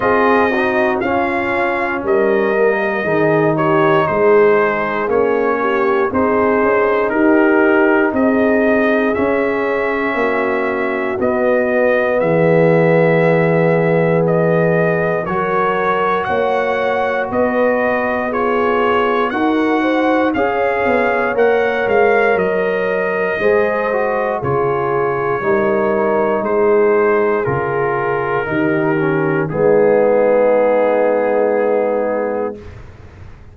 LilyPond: <<
  \new Staff \with { instrumentName = "trumpet" } { \time 4/4 \tempo 4 = 59 dis''4 f''4 dis''4. cis''8 | c''4 cis''4 c''4 ais'4 | dis''4 e''2 dis''4 | e''2 dis''4 cis''4 |
fis''4 dis''4 cis''4 fis''4 | f''4 fis''8 f''8 dis''2 | cis''2 c''4 ais'4~ | ais'4 gis'2. | }
  \new Staff \with { instrumentName = "horn" } { \time 4/4 gis'8 fis'8 f'4 ais'4 gis'8 g'8 | gis'4. g'8 gis'4 g'4 | gis'2 fis'2 | gis'2. ais'4 |
cis''4 b'4 gis'4 ais'8 c''8 | cis''2. c''4 | gis'4 ais'4 gis'2 | g'4 dis'2. | }
  \new Staff \with { instrumentName = "trombone" } { \time 4/4 f'8 dis'8 cis'4. ais8 dis'4~ | dis'4 cis'4 dis'2~ | dis'4 cis'2 b4~ | b2. fis'4~ |
fis'2 f'4 fis'4 | gis'4 ais'2 gis'8 fis'8 | f'4 dis'2 f'4 | dis'8 cis'8 b2. | }
  \new Staff \with { instrumentName = "tuba" } { \time 4/4 c'4 cis'4 g4 dis4 | gis4 ais4 c'8 cis'8 dis'4 | c'4 cis'4 ais4 b4 | e2. fis4 |
ais4 b2 dis'4 | cis'8 b8 ais8 gis8 fis4 gis4 | cis4 g4 gis4 cis4 | dis4 gis2. | }
>>